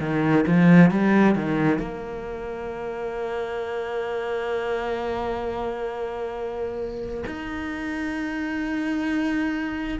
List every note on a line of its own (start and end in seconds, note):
0.00 0.45 D#3
0.47 0.91 F3
0.91 1.36 G3
1.36 1.79 D#3
1.79 7.24 A#3
7.27 10.00 D#4